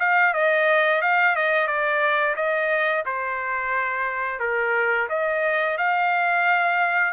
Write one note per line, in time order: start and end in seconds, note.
0.00 0.34 F5
0.34 1.02 D#5
1.02 1.36 F5
1.36 1.67 D#5
1.67 2.36 D5
2.36 3.04 D#5
3.06 4.40 C5
4.40 5.08 A#4
5.10 5.78 D#5
5.78 7.14 F5